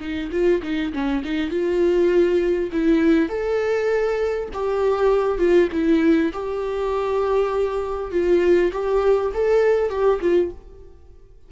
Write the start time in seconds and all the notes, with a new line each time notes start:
0.00 D#4
0.31 F4
0.62 D#4
0.93 C#4
1.24 D#4
1.50 F4
2.72 E4
3.29 A4
4.53 G4
5.38 F4
5.72 E4
6.33 G4
8.11 F4
8.72 G4
9.33 A4
9.89 G4
10.21 F4